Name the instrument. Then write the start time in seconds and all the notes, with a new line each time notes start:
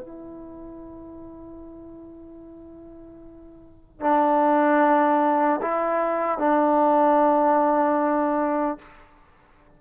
trombone
0.00 E4
4.00 D4
5.61 E4
6.38 D4